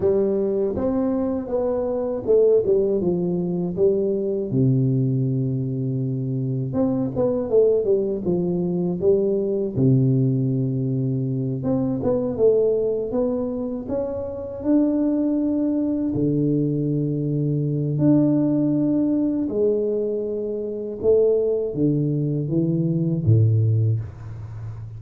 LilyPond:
\new Staff \with { instrumentName = "tuba" } { \time 4/4 \tempo 4 = 80 g4 c'4 b4 a8 g8 | f4 g4 c2~ | c4 c'8 b8 a8 g8 f4 | g4 c2~ c8 c'8 |
b8 a4 b4 cis'4 d'8~ | d'4. d2~ d8 | d'2 gis2 | a4 d4 e4 a,4 | }